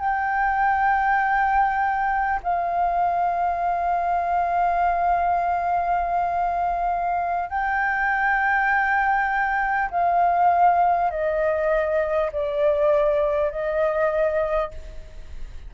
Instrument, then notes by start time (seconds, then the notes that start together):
flute
0.00 G5
2.43 F5
7.49 G5
9.91 F5
11.11 D#5
12.33 D5
13.52 D#5